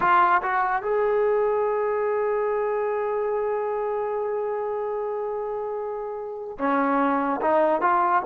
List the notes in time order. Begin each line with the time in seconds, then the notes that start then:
0.00 F4
0.42 F#4
0.82 G#4
6.58 C#4
7.41 D#4
7.81 F4